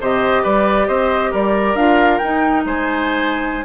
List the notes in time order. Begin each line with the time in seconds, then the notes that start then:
0.00 C3 G4 C5 D#5
0.43 G3 B4 D5
0.87 C4 C5 D#5
1.31 G3 A#4 D5
1.75 D4 F4 F5
2.18 D#4 G5
2.65 G#3 C5 G#5